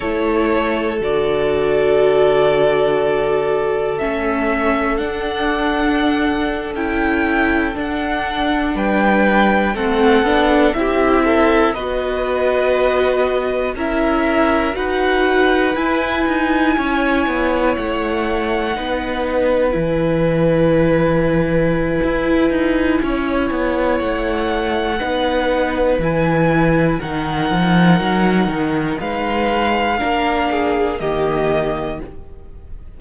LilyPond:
<<
  \new Staff \with { instrumentName = "violin" } { \time 4/4 \tempo 4 = 60 cis''4 d''2. | e''4 fis''4.~ fis''16 g''4 fis''16~ | fis''8. g''4 fis''4 e''4 dis''16~ | dis''4.~ dis''16 e''4 fis''4 gis''16~ |
gis''4.~ gis''16 fis''2 gis''16~ | gis''1 | fis''2 gis''4 fis''4~ | fis''4 f''2 dis''4 | }
  \new Staff \with { instrumentName = "violin" } { \time 4/4 a'1~ | a'1~ | a'8. b'4 a'4 g'8 a'8 b'16~ | b'4.~ b'16 ais'4 b'4~ b'16~ |
b'8. cis''2 b'4~ b'16~ | b'2. cis''4~ | cis''4 b'2 ais'4~ | ais'4 b'4 ais'8 gis'8 g'4 | }
  \new Staff \with { instrumentName = "viola" } { \time 4/4 e'4 fis'2. | cis'4 d'4.~ d'16 e'4 d'16~ | d'4.~ d'16 c'8 d'8 e'4 fis'16~ | fis'4.~ fis'16 e'4 fis'4 e'16~ |
e'2~ e'8. dis'4 e'16~ | e'1~ | e'4 dis'4 e'4 dis'4~ | dis'2 d'4 ais4 | }
  \new Staff \with { instrumentName = "cello" } { \time 4/4 a4 d2. | a4 d'4.~ d'16 cis'4 d'16~ | d'8. g4 a8 b8 c'4 b16~ | b4.~ b16 cis'4 dis'4 e'16~ |
e'16 dis'8 cis'8 b8 a4 b4 e16~ | e2 e'8 dis'8 cis'8 b8 | a4 b4 e4 dis8 f8 | fis8 dis8 gis4 ais4 dis4 | }
>>